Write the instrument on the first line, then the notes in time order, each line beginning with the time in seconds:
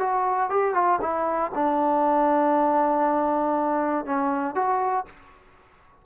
trombone
0.00 F#4
0.50 G4
0.74 F4
1.01 E4
1.55 D4
4.06 C#4
4.56 F#4